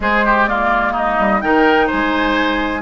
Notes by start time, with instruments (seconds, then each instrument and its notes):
0.00 bassoon G#3, clarinet G#3, oboe G#4, flute C5
0.25 oboe G4
0.46 clarinet A#3, oboe F4, flute D5
0.92 oboe D#4, flute D#5
1.18 bassoon G3
1.41 bassoon D#3, clarinet D#4, oboe A#4, flute G5
1.86 oboe C5, flute G#5
1.93 bassoon G#3